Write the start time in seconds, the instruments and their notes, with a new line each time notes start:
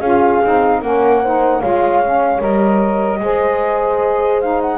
0.00 double bass C#4, saxophone F4, horn G#4, flute F5
0.44 double bass C4, saxophone D#4
0.81 double bass A#3, saxophone C#4, horn A#4, flute F#5
1.23 saxophone D#4, horn C5
1.61 double bass G#3, saxophone F4, horn C#5, flute F5
2.03 saxophone C#4
2.40 double bass G3, saxophone A#4, flute D#5
3.20 double bass G#3, saxophone G#4, horn C5
4.41 saxophone D#4, flute F5
4.62 flute F#5